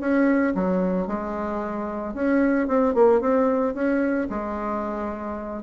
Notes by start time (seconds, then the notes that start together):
0.00 C#4
0.55 F#3
1.07 G#3
2.14 C#4
2.67 C4
2.95 A#3
3.21 C4
3.75 C#4
4.30 G#3